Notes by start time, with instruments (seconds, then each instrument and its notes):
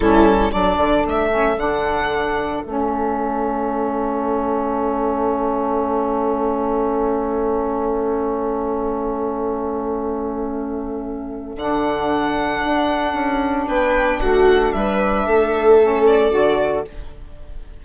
0.00 bassoon G3, saxophone C#4, viola E4, violin A4
0.51 bassoon F#3, saxophone D4, viola A4, violin D5
0.77 bassoon D3
1.05 bassoon A3, violin E5
1.30 saxophone C#4
1.56 bassoon D3, saxophone D4, violin F#5
2.63 bassoon A3, saxophone C#4, violin E5
11.56 bassoon D3, saxophone D4, violin F#5
12.65 bassoon D4
13.13 bassoon C#4
13.67 bassoon B3, viola B4, violin G5
14.20 bassoon A3, viola F#4, violin F#5
14.72 bassoon G3, viola B4, violin E5
15.25 bassoon A3, viola A4
15.81 saxophone C#4
16.06 violin D5
16.31 bassoon D3, saxophone F#4